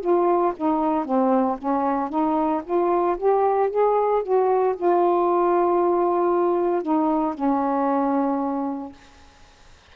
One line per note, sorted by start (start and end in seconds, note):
0.00 0.53 F4
0.56 1.05 D#4
1.05 1.57 C4
1.58 2.09 C#4
2.09 2.62 D#4
2.64 3.17 F4
3.17 3.70 G4
3.70 4.22 G#4
4.22 4.75 F#4
4.76 6.82 F4
6.82 7.34 D#4
7.34 8.92 C#4